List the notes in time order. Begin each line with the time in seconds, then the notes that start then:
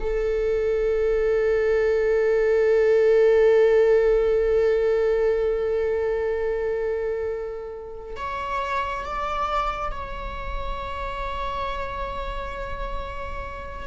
0.00 A4
8.16 C#5
9.04 D5
9.91 C#5